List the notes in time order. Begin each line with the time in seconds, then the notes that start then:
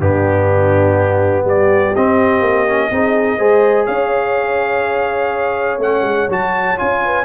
0.00 G2 B3 D4 G4
1.44 G3 G4 D5
1.96 C4 D#5
2.42 A#3
2.68 C#4
2.91 C4 D#4 G#4
3.39 G#3 G#4 C5
3.86 C#4 C#5 F5
5.79 A3 C#4 F#5
6.03 G#3
6.29 F#3 F#4 A5
6.78 C#4 F4 G#5
7.05 B4